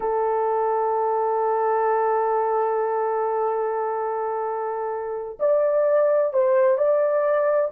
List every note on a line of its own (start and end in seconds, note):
0.00 5.37 A4
5.39 6.33 D5
6.33 6.77 C5
6.77 7.71 D5